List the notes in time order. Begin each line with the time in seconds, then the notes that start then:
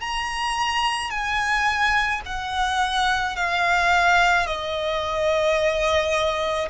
0.00 A#5
1.10 G#5
2.25 F#5
3.36 F5
4.46 D#5